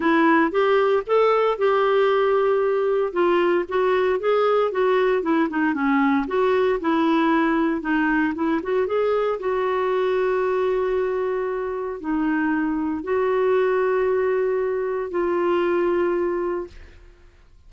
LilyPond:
\new Staff \with { instrumentName = "clarinet" } { \time 4/4 \tempo 4 = 115 e'4 g'4 a'4 g'4~ | g'2 f'4 fis'4 | gis'4 fis'4 e'8 dis'8 cis'4 | fis'4 e'2 dis'4 |
e'8 fis'8 gis'4 fis'2~ | fis'2. dis'4~ | dis'4 fis'2.~ | fis'4 f'2. | }